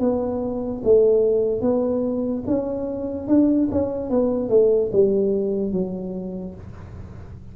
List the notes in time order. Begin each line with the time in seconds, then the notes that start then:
0.00 B3
0.84 A3
1.61 B3
2.47 C#4
3.28 D4
3.71 C#4
4.10 B3
4.49 A3
4.93 G3
5.73 F#3